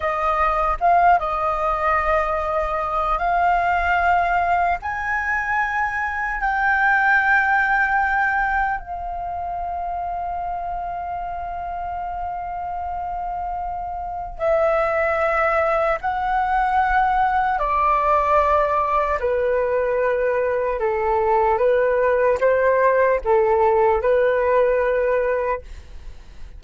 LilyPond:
\new Staff \with { instrumentName = "flute" } { \time 4/4 \tempo 4 = 75 dis''4 f''8 dis''2~ dis''8 | f''2 gis''2 | g''2. f''4~ | f''1~ |
f''2 e''2 | fis''2 d''2 | b'2 a'4 b'4 | c''4 a'4 b'2 | }